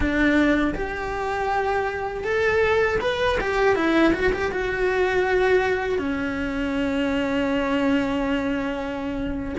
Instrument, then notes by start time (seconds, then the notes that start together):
cello
0.00 D4
0.74 G4
2.24 A4
3.01 B4
3.40 G4
3.75 E4
4.13 F#4
4.33 G4
4.51 F#4
5.98 C#4